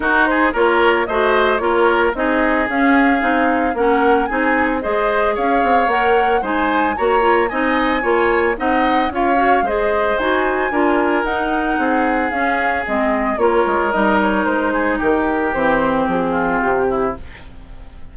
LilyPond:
<<
  \new Staff \with { instrumentName = "flute" } { \time 4/4 \tempo 4 = 112 ais'8 c''8 cis''4 dis''4 cis''4 | dis''4 f''2 fis''4 | gis''4 dis''4 f''4 fis''4 | gis''4 ais''4 gis''2 |
fis''4 f''4 dis''4 gis''4~ | gis''4 fis''2 f''4 | dis''4 cis''4 dis''8 cis''8 c''4 | ais'4 c''4 gis'4 g'4 | }
  \new Staff \with { instrumentName = "oboe" } { \time 4/4 fis'8 gis'8 ais'4 c''4 ais'4 | gis'2. ais'4 | gis'4 c''4 cis''2 | c''4 cis''4 dis''4 cis''4 |
dis''4 cis''4 c''2 | ais'2 gis'2~ | gis'4 ais'2~ ais'8 gis'8 | g'2~ g'8 f'4 e'8 | }
  \new Staff \with { instrumentName = "clarinet" } { \time 4/4 dis'4 f'4 fis'4 f'4 | dis'4 cis'4 dis'4 cis'4 | dis'4 gis'2 ais'4 | dis'4 fis'8 f'8 dis'4 f'4 |
dis'4 f'8 fis'8 gis'4 fis'4 | f'4 dis'2 cis'4 | c'4 f'4 dis'2~ | dis'4 c'2. | }
  \new Staff \with { instrumentName = "bassoon" } { \time 4/4 dis'4 ais4 a4 ais4 | c'4 cis'4 c'4 ais4 | c'4 gis4 cis'8 c'8 ais4 | gis4 ais4 c'4 ais4 |
c'4 cis'4 gis4 dis'4 | d'4 dis'4 c'4 cis'4 | gis4 ais8 gis8 g4 gis4 | dis4 e4 f4 c4 | }
>>